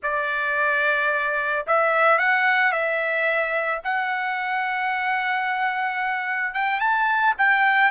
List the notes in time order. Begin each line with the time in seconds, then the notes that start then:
0.02 D5
1.66 E5
2.18 F#5
2.72 E5
3.83 F#5
6.53 G5
6.80 A5
7.38 G5